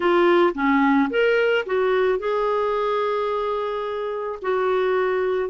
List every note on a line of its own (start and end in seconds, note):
0.00 0.53 F4
0.54 1.09 C#4
1.10 1.65 A#4
1.65 2.19 F#4
2.19 4.39 G#4
4.42 5.49 F#4